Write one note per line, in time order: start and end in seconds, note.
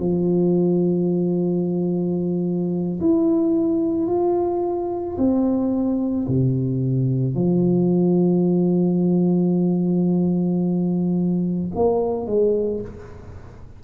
0.00 3.00 F3
3.01 4.08 E4
4.08 5.17 F4
5.18 6.27 C4
6.28 7.35 C3
7.35 11.72 F3
11.76 12.27 A#3
12.27 12.81 G#3